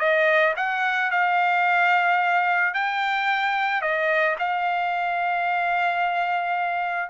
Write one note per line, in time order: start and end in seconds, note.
0.00 0.55 D#5
0.57 1.11 F#5
1.11 2.74 F5
2.74 3.82 G5
3.82 4.36 D#5
4.39 7.10 F5